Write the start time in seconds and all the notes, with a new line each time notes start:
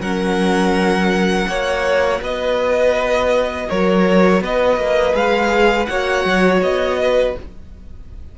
0.00 F#3 C#4 A#4 F#5
1.47 A#3 F#4 C#5
2.21 B3 B4 D#5
3.70 F#3 A#4 C#5
4.41 B3 B4 D#5
4.77 A#3
5.13 G#3 G#4 F5
5.86 A#3 F#4 C#5 F#5
6.25 F#3
6.62 B3 D#5
7.02 B4